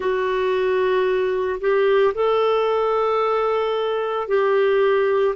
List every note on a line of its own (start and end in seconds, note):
0.00 1.59 F#4
1.60 2.13 G4
2.14 4.28 A4
4.28 5.35 G4